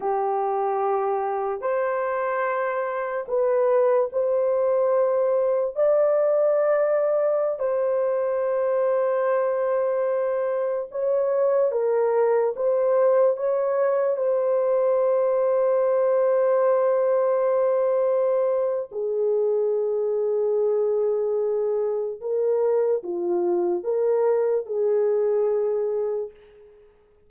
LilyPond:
\new Staff \with { instrumentName = "horn" } { \time 4/4 \tempo 4 = 73 g'2 c''2 | b'4 c''2 d''4~ | d''4~ d''16 c''2~ c''8.~ | c''4~ c''16 cis''4 ais'4 c''8.~ |
c''16 cis''4 c''2~ c''8.~ | c''2. gis'4~ | gis'2. ais'4 | f'4 ais'4 gis'2 | }